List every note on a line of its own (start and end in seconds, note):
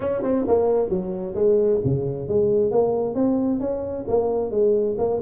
0.00 0.22 C#4
0.22 0.45 C4
0.47 0.89 A#3
0.89 1.34 F#3
1.35 1.80 G#3
1.84 2.28 C#3
2.28 2.71 G#3
2.71 3.15 A#3
3.15 3.59 C4
3.59 4.05 C#4
4.07 4.51 A#3
4.51 4.96 G#3
4.97 5.20 A#3